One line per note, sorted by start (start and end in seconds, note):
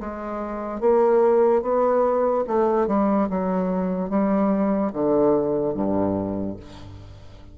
0.00 0.80 G#3
0.80 1.62 A#3
1.62 2.44 B3
2.47 2.87 A3
2.87 3.28 G3
3.30 4.10 F#3
4.10 4.92 G3
4.92 5.74 D3
5.74 6.56 G2